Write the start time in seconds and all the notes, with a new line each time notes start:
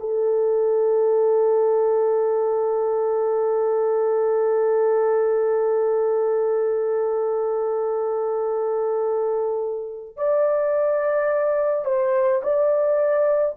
0.00 A4
10.17 D5
11.85 C5
12.43 D5